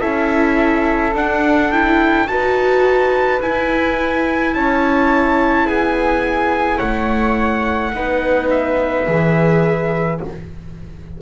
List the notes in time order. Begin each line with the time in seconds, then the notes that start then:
0.00 C#4 E4 A4 E5
1.13 D4 F#5
1.71 E4 G5
2.27 D#4 F#4 B4 A5
3.41 E4 G#5
4.54 C#4 C#5 A5
5.66 B3 G#4 G#5
6.77 A3 C#5 F#5
7.93 B3 D#4 B4
8.50 E5
9.06 E3 G#4